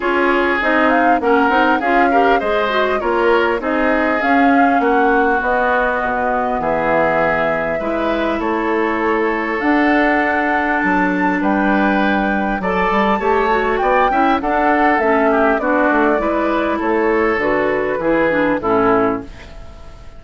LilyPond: <<
  \new Staff \with { instrumentName = "flute" } { \time 4/4 \tempo 4 = 100 cis''4 dis''8 f''8 fis''4 f''4 | dis''4 cis''4 dis''4 f''4 | fis''4 dis''2 e''4~ | e''2 cis''2 |
fis''2 a''4 g''4~ | g''4 a''2 g''4 | fis''4 e''4 d''2 | cis''4 b'2 a'4 | }
  \new Staff \with { instrumentName = "oboe" } { \time 4/4 gis'2 ais'4 gis'8 ais'8 | c''4 ais'4 gis'2 | fis'2. gis'4~ | gis'4 b'4 a'2~ |
a'2. b'4~ | b'4 d''4 cis''4 d''8 e''8 | a'4. g'8 fis'4 b'4 | a'2 gis'4 e'4 | }
  \new Staff \with { instrumentName = "clarinet" } { \time 4/4 f'4 dis'4 cis'8 dis'8 f'8 g'8 | gis'8 fis'8 f'4 dis'4 cis'4~ | cis'4 b2.~ | b4 e'2. |
d'1~ | d'4 a'4 g'8 fis'4 e'8 | d'4 cis'4 d'4 e'4~ | e'4 fis'4 e'8 d'8 cis'4 | }
  \new Staff \with { instrumentName = "bassoon" } { \time 4/4 cis'4 c'4 ais8 c'8 cis'4 | gis4 ais4 c'4 cis'4 | ais4 b4 b,4 e4~ | e4 gis4 a2 |
d'2 fis4 g4~ | g4 fis8 g8 a4 b8 cis'8 | d'4 a4 b8 a8 gis4 | a4 d4 e4 a,4 | }
>>